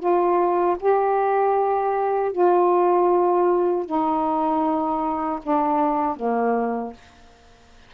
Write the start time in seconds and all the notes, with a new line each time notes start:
0.00 F4
0.80 G4
2.32 F4
3.86 D#4
5.43 D4
6.16 A#3